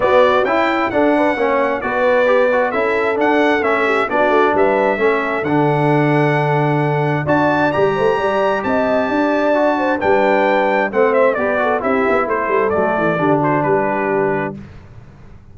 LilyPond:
<<
  \new Staff \with { instrumentName = "trumpet" } { \time 4/4 \tempo 4 = 132 d''4 g''4 fis''2 | d''2 e''4 fis''4 | e''4 d''4 e''2 | fis''1 |
a''4 ais''2 a''4~ | a''2 g''2 | fis''8 e''8 d''4 e''4 c''4 | d''4. c''8 b'2 | }
  \new Staff \with { instrumentName = "horn" } { \time 4/4 fis'4 e'4 a'8 b'8 cis''4 | b'2 a'2~ | a'8 g'8 fis'4 b'4 a'4~ | a'1 |
d''4. c''8 d''4 dis''4 | d''4. c''8 b'2 | c''4 b'8 a'8 g'4 a'4~ | a'4 g'8 fis'8 g'2 | }
  \new Staff \with { instrumentName = "trombone" } { \time 4/4 b4 e'4 d'4 cis'4 | fis'4 g'8 fis'8 e'4 d'4 | cis'4 d'2 cis'4 | d'1 |
fis'4 g'2.~ | g'4 fis'4 d'2 | c'4 g'8 fis'8 e'2 | a4 d'2. | }
  \new Staff \with { instrumentName = "tuba" } { \time 4/4 b4 cis'4 d'4 ais4 | b2 cis'4 d'4 | a4 b8 a8 g4 a4 | d1 |
d'4 g8 a8 g4 c'4 | d'2 g2 | a4 b4 c'8 b8 a8 g8 | fis8 e8 d4 g2 | }
>>